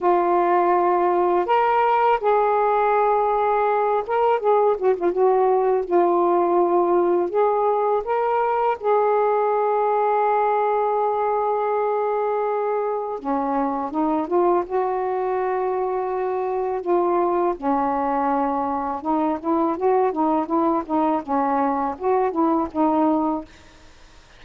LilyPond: \new Staff \with { instrumentName = "saxophone" } { \time 4/4 \tempo 4 = 82 f'2 ais'4 gis'4~ | gis'4. ais'8 gis'8 fis'16 f'16 fis'4 | f'2 gis'4 ais'4 | gis'1~ |
gis'2 cis'4 dis'8 f'8 | fis'2. f'4 | cis'2 dis'8 e'8 fis'8 dis'8 | e'8 dis'8 cis'4 fis'8 e'8 dis'4 | }